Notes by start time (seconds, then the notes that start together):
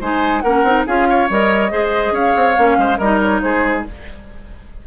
0.00 G#3 D#4 C5 G#5
0.40 A#3 C#4 A#4 F#5
0.63 C4 D#4
0.86 C#4 F4 G#4 F5
1.09 C#5
1.29 G3 A#4 D#5
1.70 G#3 G#4 C5
2.11 C#4 C#5 F5
2.36 C4
2.56 A#3 C#4
2.77 G#3 C5
2.97 G3 D#4 A#4 D#5
3.21 C#5
3.41 G#3 G#4 C5